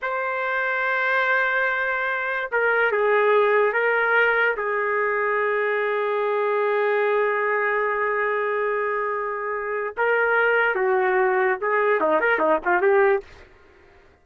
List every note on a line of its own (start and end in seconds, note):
0.02 2.50 C5
2.51 2.91 A#4
2.91 3.73 G#4
3.73 4.55 A#4
4.56 9.94 G#4
9.97 10.75 A#4
10.75 11.58 F#4
11.60 12.00 G#4
12.00 12.20 D#4
12.20 12.38 A#4
12.38 12.59 D#4
12.64 12.81 F4
12.81 13.22 G4